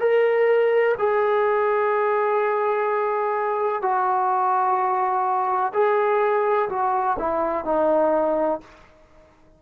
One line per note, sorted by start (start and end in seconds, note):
0.00 0.95 A#4
0.99 3.82 G#4
3.82 5.73 F#4
5.74 6.69 G#4
6.69 7.17 F#4
7.19 7.65 E4
7.65 8.60 D#4